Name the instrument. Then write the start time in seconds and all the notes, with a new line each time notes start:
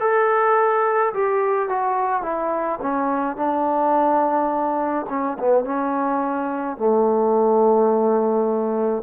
trombone
0.00 A4
1.14 G4
1.69 F#4
2.23 E4
2.82 C#4
3.37 D4
5.09 C#4
5.39 B3
5.65 C#4
6.78 A3